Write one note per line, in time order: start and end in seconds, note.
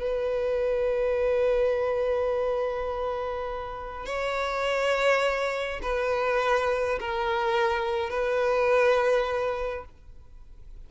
0.00 4.06 B4
4.06 5.81 C#5
5.83 6.99 B4
7.00 8.11 A#4
8.11 9.85 B4